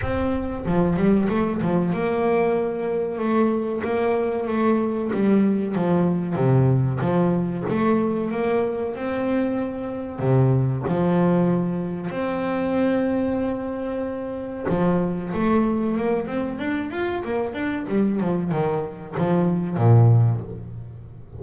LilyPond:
\new Staff \with { instrumentName = "double bass" } { \time 4/4 \tempo 4 = 94 c'4 f8 g8 a8 f8 ais4~ | ais4 a4 ais4 a4 | g4 f4 c4 f4 | a4 ais4 c'2 |
c4 f2 c'4~ | c'2. f4 | a4 ais8 c'8 d'8 f'8 ais8 d'8 | g8 f8 dis4 f4 ais,4 | }